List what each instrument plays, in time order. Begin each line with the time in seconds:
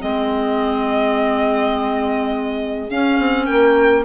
0.00 bassoon G#3, clarinet C4, horn G#4, violin D#5
2.90 clarinet C#4, bassoon C#4, violin F5
3.19 bassoon C4
3.46 bassoon A#3, horn A#4, violin G5